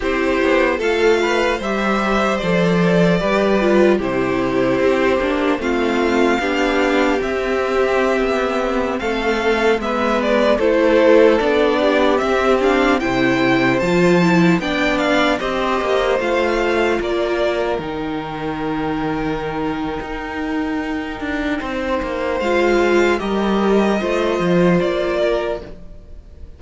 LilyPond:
<<
  \new Staff \with { instrumentName = "violin" } { \time 4/4 \tempo 4 = 75 c''4 f''4 e''4 d''4~ | d''4 c''2 f''4~ | f''4 e''2~ e''16 f''8.~ | f''16 e''8 d''8 c''4 d''4 e''8 f''16~ |
f''16 g''4 a''4 g''8 f''8 dis''8.~ | dis''16 f''4 d''4 g''4.~ g''16~ | g''1 | f''4 dis''2 d''4 | }
  \new Staff \with { instrumentName = "violin" } { \time 4/4 g'4 a'8 b'8 c''2 | b'4 g'2 f'4 | g'2.~ g'16 a'8.~ | a'16 b'4 a'4. g'4~ g'16~ |
g'16 c''2 d''4 c''8.~ | c''4~ c''16 ais'2~ ais'8.~ | ais'2. c''4~ | c''4 ais'4 c''4. ais'8 | }
  \new Staff \with { instrumentName = "viola" } { \time 4/4 e'4 f'4 g'4 a'4 | g'8 f'8 e'4. d'8 c'4 | d'4 c'2.~ | c'16 b4 e'4 d'4 c'8 d'16~ |
d'16 e'4 f'8 e'8 d'4 g'8.~ | g'16 f'2 dis'4.~ dis'16~ | dis'1 | f'4 g'4 f'2 | }
  \new Staff \with { instrumentName = "cello" } { \time 4/4 c'8 b8 a4 g4 f4 | g4 c4 c'8 ais8 a4 | b4 c'4~ c'16 b4 a8.~ | a16 gis4 a4 b4 c'8.~ |
c'16 c4 f4 b4 c'8 ais16~ | ais16 a4 ais4 dis4.~ dis16~ | dis4 dis'4. d'8 c'8 ais8 | gis4 g4 a8 f8 ais4 | }
>>